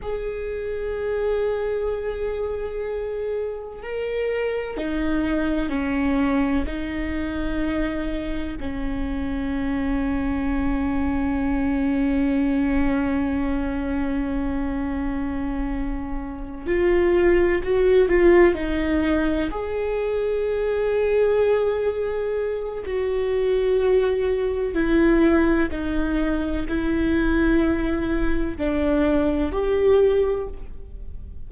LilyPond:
\new Staff \with { instrumentName = "viola" } { \time 4/4 \tempo 4 = 63 gis'1 | ais'4 dis'4 cis'4 dis'4~ | dis'4 cis'2.~ | cis'1~ |
cis'4. f'4 fis'8 f'8 dis'8~ | dis'8 gis'2.~ gis'8 | fis'2 e'4 dis'4 | e'2 d'4 g'4 | }